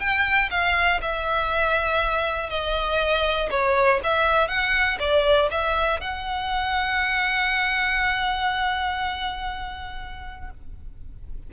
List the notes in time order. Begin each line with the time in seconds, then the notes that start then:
0.00 G5
0.51 F5
1.02 E5
2.50 D#5
3.51 C#5
4.04 E5
4.48 F#5
4.99 D5
5.51 E5
6.01 F#5